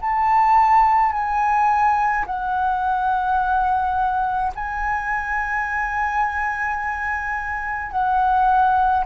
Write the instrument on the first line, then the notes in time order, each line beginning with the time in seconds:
flute
0.00 A5
1.12 G#5
2.26 F#5
4.55 G#5
7.91 F#5